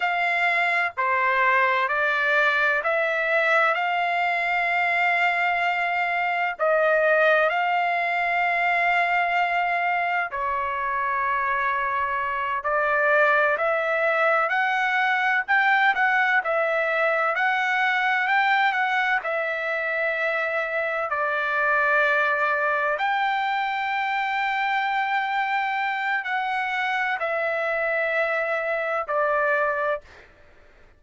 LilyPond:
\new Staff \with { instrumentName = "trumpet" } { \time 4/4 \tempo 4 = 64 f''4 c''4 d''4 e''4 | f''2. dis''4 | f''2. cis''4~ | cis''4. d''4 e''4 fis''8~ |
fis''8 g''8 fis''8 e''4 fis''4 g''8 | fis''8 e''2 d''4.~ | d''8 g''2.~ g''8 | fis''4 e''2 d''4 | }